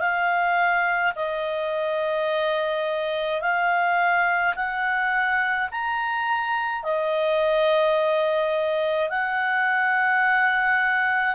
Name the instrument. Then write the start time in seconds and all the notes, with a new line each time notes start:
clarinet
0.00 F5
1.16 D#5
3.42 F5
4.56 F#5
5.71 A#5
6.83 D#5
9.10 F#5